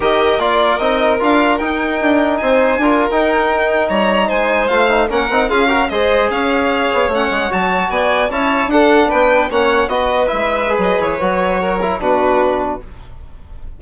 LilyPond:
<<
  \new Staff \with { instrumentName = "violin" } { \time 4/4 \tempo 4 = 150 dis''4 d''4 dis''4 f''4 | g''2 gis''4.~ gis''16 g''16~ | g''4.~ g''16 ais''4 gis''4 f''16~ | f''8. fis''4 f''4 dis''4 f''16~ |
f''4.~ f''16 fis''4 a''4 gis''16~ | gis''8. a''4 fis''4 g''4 fis''16~ | fis''8. dis''4 e''4~ e''16 dis''8 cis''8~ | cis''2 b'2 | }
  \new Staff \with { instrumentName = "violin" } { \time 4/4 ais'1~ | ais'2 c''4 ais'4~ | ais'4.~ ais'16 cis''4 c''4~ c''16~ | c''8. ais'4 gis'8 ais'8 c''4 cis''16~ |
cis''2.~ cis''8. d''16~ | d''8. cis''4 a'4 b'4 cis''16~ | cis''8. b'2.~ b'16~ | b'4 ais'4 fis'2 | }
  \new Staff \with { instrumentName = "trombone" } { \time 4/4 g'4 f'4 dis'4 f'4 | dis'2. f'8. dis'16~ | dis'2.~ dis'8. f'16~ | f'16 dis'8 cis'8 dis'8 f'8 fis'8 gis'4~ gis'16~ |
gis'4.~ gis'16 cis'4 fis'4~ fis'16~ | fis'8. e'4 d'2 cis'16~ | cis'8. fis'4 e'4 gis'4~ gis'16 | fis'4. e'8 d'2 | }
  \new Staff \with { instrumentName = "bassoon" } { \time 4/4 dis4 ais4 c'4 d'4 | dis'4 d'4 c'4 d'8. dis'16~ | dis'4.~ dis'16 g4 gis4 a16~ | a8. ais8 c'8 cis'4 gis4 cis'16~ |
cis'4~ cis'16 b8 a8 gis8 fis4 b16~ | b8. cis'4 d'4 b4 ais16~ | ais8. b4 gis4~ gis16 fis8 e8 | fis2 b,2 | }
>>